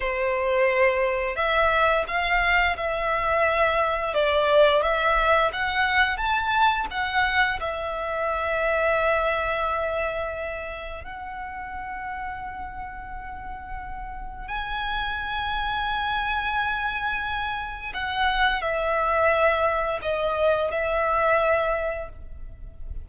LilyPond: \new Staff \with { instrumentName = "violin" } { \time 4/4 \tempo 4 = 87 c''2 e''4 f''4 | e''2 d''4 e''4 | fis''4 a''4 fis''4 e''4~ | e''1 |
fis''1~ | fis''4 gis''2.~ | gis''2 fis''4 e''4~ | e''4 dis''4 e''2 | }